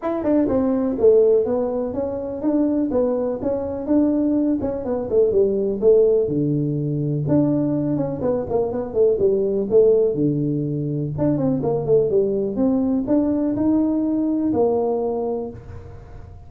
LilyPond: \new Staff \with { instrumentName = "tuba" } { \time 4/4 \tempo 4 = 124 e'8 d'8 c'4 a4 b4 | cis'4 d'4 b4 cis'4 | d'4. cis'8 b8 a8 g4 | a4 d2 d'4~ |
d'8 cis'8 b8 ais8 b8 a8 g4 | a4 d2 d'8 c'8 | ais8 a8 g4 c'4 d'4 | dis'2 ais2 | }